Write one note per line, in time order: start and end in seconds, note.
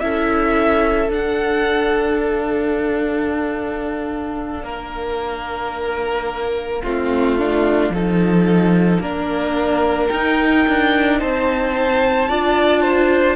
0.00 1.10 C#4
0.00 1.09 E4
0.00 4.65 A4
0.00 1.09 E5
1.09 6.82 D4
1.09 4.63 D4
1.09 2.21 F#5
2.21 10.09 F5
4.63 6.82 A#3
4.63 6.83 A#4
6.83 7.90 A3
6.83 7.39 C4
6.83 7.92 F4
7.39 7.93 D4
7.90 8.99 F3
7.90 9.02 D#4
7.90 9.02 A4
9.00 10.09 A#3
9.00 10.10 D4
9.00 11.20 A#4
10.09 12.28 D#4
10.09 10.66 D#4
10.09 11.18 G5
10.68 11.22 D4
11.20 12.29 C4
11.20 12.29 C5
11.20 13.36 A5
12.29 13.36 D4
12.29 13.36 F4
12.29 12.82 D5
12.82 13.36 C5